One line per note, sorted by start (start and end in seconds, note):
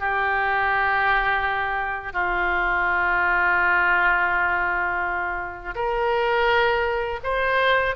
0.00 2.13 G4
2.13 5.75 F4
5.75 7.20 A#4
7.24 7.96 C5